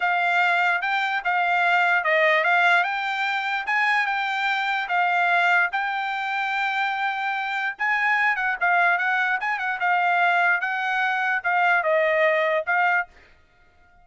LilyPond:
\new Staff \with { instrumentName = "trumpet" } { \time 4/4 \tempo 4 = 147 f''2 g''4 f''4~ | f''4 dis''4 f''4 g''4~ | g''4 gis''4 g''2 | f''2 g''2~ |
g''2. gis''4~ | gis''8 fis''8 f''4 fis''4 gis''8 fis''8 | f''2 fis''2 | f''4 dis''2 f''4 | }